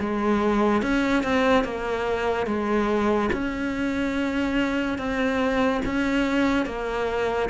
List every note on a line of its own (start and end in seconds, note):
0.00 0.82 G#3
0.82 1.24 C#4
1.24 1.64 C4
1.64 2.47 A#3
2.47 3.30 G#3
3.33 4.98 C#4
4.98 5.82 C4
5.86 6.66 C#4
6.66 7.49 A#3